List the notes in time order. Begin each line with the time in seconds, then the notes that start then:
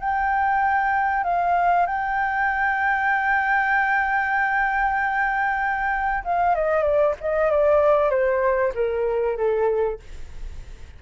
0.00 G5
1.23 F5
1.86 G5
6.24 F5
6.55 D#5
6.82 D5
7.20 D#5
7.50 D5
8.10 C5
8.74 A#4
9.37 A4